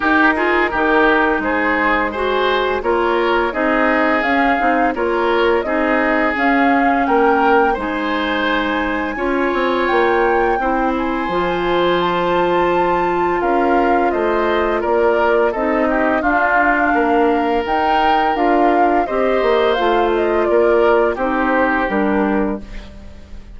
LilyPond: <<
  \new Staff \with { instrumentName = "flute" } { \time 4/4 \tempo 4 = 85 ais'2 c''4 gis'4 | cis''4 dis''4 f''4 cis''4 | dis''4 f''4 g''4 gis''4~ | gis''2 g''4. gis''8~ |
gis''4 a''2 f''4 | dis''4 d''4 dis''4 f''4~ | f''4 g''4 f''4 dis''4 | f''8 dis''8 d''4 c''4 ais'4 | }
  \new Staff \with { instrumentName = "oboe" } { \time 4/4 g'8 gis'8 g'4 gis'4 c''4 | ais'4 gis'2 ais'4 | gis'2 ais'4 c''4~ | c''4 cis''2 c''4~ |
c''2. ais'4 | c''4 ais'4 a'8 g'8 f'4 | ais'2. c''4~ | c''4 ais'4 g'2 | }
  \new Staff \with { instrumentName = "clarinet" } { \time 4/4 dis'8 f'8 dis'2 fis'4 | f'4 dis'4 cis'8 dis'8 f'4 | dis'4 cis'2 dis'4~ | dis'4 f'2 e'4 |
f'1~ | f'2 dis'4 d'4~ | d'4 dis'4 f'4 g'4 | f'2 dis'4 d'4 | }
  \new Staff \with { instrumentName = "bassoon" } { \time 4/4 dis'4 dis4 gis2 | ais4 c'4 cis'8 c'8 ais4 | c'4 cis'4 ais4 gis4~ | gis4 cis'8 c'8 ais4 c'4 |
f2. cis'4 | a4 ais4 c'4 d'4 | ais4 dis'4 d'4 c'8 ais8 | a4 ais4 c'4 g4 | }
>>